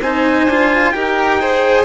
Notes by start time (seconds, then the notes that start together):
0.00 C4 D#4 C5 G#5
0.46 D4 F4
0.92 D#4 G4 A#4 G5
1.40 G#4 C5